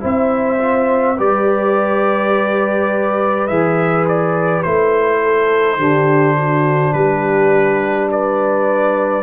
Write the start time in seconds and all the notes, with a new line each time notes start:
0.00 C4 E4 C5 E5
0.58 F4
1.16 G3 G4 B4 D5
3.47 E3 G#4 E5
4.08 D5
4.62 A3 E4 C5
5.23 A4
5.77 D3 D4 G4
6.36 F#4
6.93 G3 G4 B4
8.11 B4 D5